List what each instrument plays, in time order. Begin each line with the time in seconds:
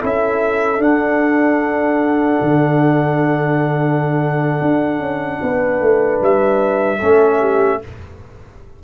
0.00 tuba C#4, trombone E4, horn A4
0.06 trumpet E5
0.79 tuba D4, trombone D4, trumpet F#5
2.42 tuba D3
4.62 tuba D4
5.00 tuba C#4
5.42 tuba B3, horn B4
5.81 tuba A3
6.21 tuba G3, trumpet E5
6.99 tuba A3, trombone C#4, horn A4
7.40 horn G4